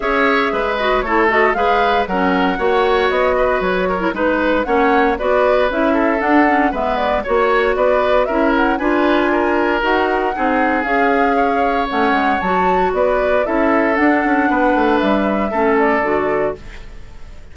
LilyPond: <<
  \new Staff \with { instrumentName = "flute" } { \time 4/4 \tempo 4 = 116 e''4. dis''8 cis''8 dis''8 f''4 | fis''2 dis''4 cis''4 | b'4 fis''4 d''4 e''4 | fis''4 e''8 d''8 cis''4 d''4 |
e''8 fis''8 gis''2 fis''4~ | fis''4 f''2 fis''4 | a''4 d''4 e''4 fis''4~ | fis''4 e''4. d''4. | }
  \new Staff \with { instrumentName = "oboe" } { \time 4/4 cis''4 b'4 a'4 b'4 | ais'4 cis''4. b'4 ais'8 | b'4 cis''4 b'4. a'8~ | a'4 b'4 cis''4 b'4 |
ais'4 b'4 ais'2 | gis'2 cis''2~ | cis''4 b'4 a'2 | b'2 a'2 | }
  \new Staff \with { instrumentName = "clarinet" } { \time 4/4 gis'4. fis'8 e'8 fis'8 gis'4 | cis'4 fis'2~ fis'8. e'16 | dis'4 cis'4 fis'4 e'4 | d'8 cis'8 b4 fis'2 |
e'4 f'2 fis'4 | dis'4 gis'2 cis'4 | fis'2 e'4 d'4~ | d'2 cis'4 fis'4 | }
  \new Staff \with { instrumentName = "bassoon" } { \time 4/4 cis'4 gis4 a4 gis4 | fis4 ais4 b4 fis4 | gis4 ais4 b4 cis'4 | d'4 gis4 ais4 b4 |
cis'4 d'2 dis'4 | c'4 cis'2 a8 gis8 | fis4 b4 cis'4 d'8 cis'8 | b8 a8 g4 a4 d4 | }
>>